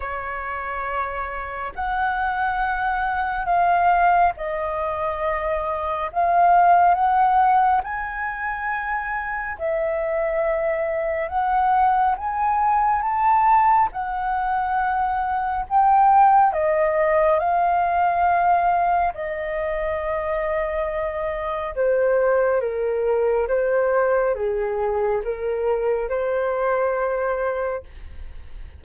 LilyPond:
\new Staff \with { instrumentName = "flute" } { \time 4/4 \tempo 4 = 69 cis''2 fis''2 | f''4 dis''2 f''4 | fis''4 gis''2 e''4~ | e''4 fis''4 gis''4 a''4 |
fis''2 g''4 dis''4 | f''2 dis''2~ | dis''4 c''4 ais'4 c''4 | gis'4 ais'4 c''2 | }